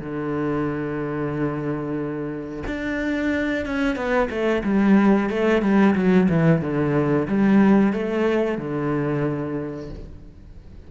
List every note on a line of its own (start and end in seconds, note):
0.00 2.64 D3
2.67 3.65 D4
3.65 3.96 C#4
3.96 4.29 B3
4.30 4.63 A3
4.64 5.29 G3
5.29 5.62 A3
5.62 5.95 G3
5.95 6.28 F#3
6.29 6.61 E3
6.61 7.27 D3
7.28 7.93 G3
7.93 8.58 A3
8.58 9.90 D3